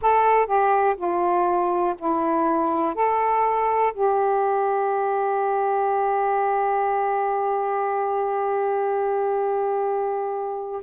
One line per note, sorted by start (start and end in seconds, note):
0.01 0.46 A4
0.46 0.95 G4
0.96 1.94 F4
1.98 2.95 E4
2.95 3.93 A4
3.93 10.82 G4